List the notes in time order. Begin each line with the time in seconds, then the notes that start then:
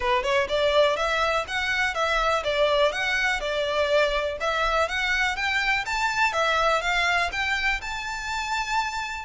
0.00 B4
0.23 C#5
0.49 D5
0.96 E5
1.47 F#5
1.94 E5
2.44 D5
2.92 F#5
3.40 D5
4.40 E5
4.88 F#5
5.36 G5
5.85 A5
6.33 E5
6.81 F5
7.32 G5
7.81 A5